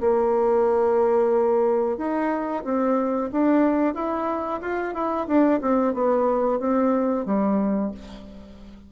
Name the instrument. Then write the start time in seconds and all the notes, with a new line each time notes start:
bassoon
0.00 A#3
1.97 D#4
2.64 C4
3.32 D4
3.94 E4
4.62 F4
4.94 E4
5.27 D4
5.61 C4
5.93 B3
6.59 C4
7.25 G3